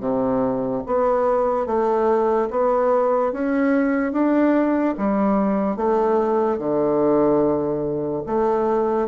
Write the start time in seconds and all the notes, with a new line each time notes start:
0.00 C3
0.86 B3
1.66 A3
2.50 B3
3.32 C#4
4.12 D4
4.98 G3
5.76 A3
6.58 D3
8.26 A3